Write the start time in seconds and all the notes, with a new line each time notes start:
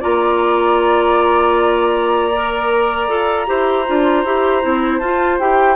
0.00 A#3 F4 D5 A#5
2.35 A#4
3.07 F4 A4
3.46 E4 G4 C5
3.87 D4 F4
4.24 E4 G4
4.62 C4 E4
4.98 F4 A5
5.39 E4 G4 G5